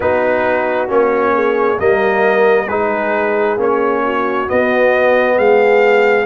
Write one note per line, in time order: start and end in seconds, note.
0.00 0.89 B3
0.00 0.87 D#4
0.00 1.33 F#4
0.00 0.89 B4
0.87 1.78 A#3
0.87 1.77 C#4
0.87 1.79 C#5
1.34 1.78 G#4
1.77 2.68 G3
1.77 2.67 A#3
1.77 2.68 A#4
1.77 2.68 D#5
2.68 3.57 G#3
2.68 3.58 D#4
2.68 4.03 G#4
2.68 3.57 B4
3.57 4.46 A#3
3.57 4.47 C#4
3.57 4.49 C#5
4.04 5.36 F#4
4.47 6.25 B3
4.47 5.38 B3
4.47 5.38 D#5
5.36 6.25 G#3
5.36 6.25 G#4
5.36 6.25 F5